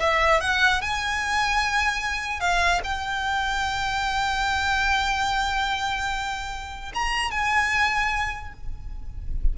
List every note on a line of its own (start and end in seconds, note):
0.00 0.41 E5
0.41 0.81 F#5
0.81 2.41 G#5
2.41 2.81 F5
2.84 6.92 G5
6.94 7.31 A#5
7.31 8.54 G#5